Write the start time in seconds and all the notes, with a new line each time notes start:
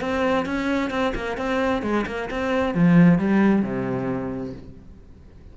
0.00 C4
0.45 C#4
0.90 C4
1.15 A#3
1.37 C4
1.82 G#3
2.06 A#3
2.30 C4
2.74 F3
3.18 G3
3.62 C3